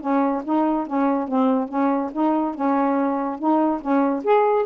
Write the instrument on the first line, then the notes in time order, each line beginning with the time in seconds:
saxophone
0.00 C#4
0.44 D#4
0.86 C#4
1.28 C4
1.68 C#4
2.12 D#4
2.54 C#4
3.38 D#4
3.81 C#4
4.23 G#4